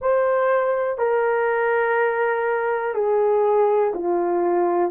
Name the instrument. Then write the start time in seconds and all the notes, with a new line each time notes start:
horn
0.00 C5
0.98 A#4
2.94 G#4
3.93 F4